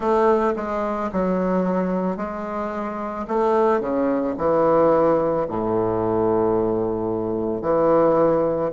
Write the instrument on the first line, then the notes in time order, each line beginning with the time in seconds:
bassoon
0.00 A3
0.56 G#3
1.12 F#3
2.17 G#3
3.27 A3
3.80 C#3
4.37 E3
5.48 A2
7.61 E3